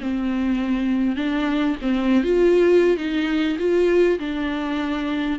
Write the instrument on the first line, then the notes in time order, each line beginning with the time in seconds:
viola
0.00 C4
1.16 D4
1.81 C4
2.23 F4
2.97 D#4
3.58 F4
4.19 D4